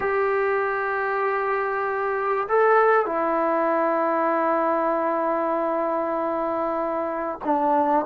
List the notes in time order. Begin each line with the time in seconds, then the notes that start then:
0.00 G4
2.48 A4
3.06 E4
7.44 D4